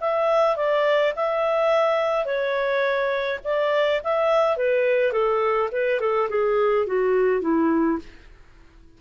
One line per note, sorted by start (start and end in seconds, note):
0.00 0.56 E5
0.56 1.13 D5
1.16 2.25 E5
2.25 3.39 C#5
3.44 4.01 D5
4.03 4.57 E5
4.57 5.12 B4
5.12 5.69 A4
5.71 6.00 B4
6.00 6.29 A4
6.29 6.86 G#4
6.86 7.41 F#4
7.41 7.98 E4